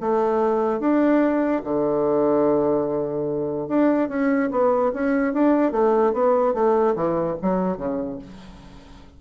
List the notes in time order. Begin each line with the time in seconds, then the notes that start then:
0.00 A3
0.80 D4
1.64 D3
3.68 D4
4.09 C#4
4.51 B3
4.93 C#4
5.33 D4
5.72 A3
6.13 B3
6.54 A3
6.95 E3
7.42 F#3
7.77 C#3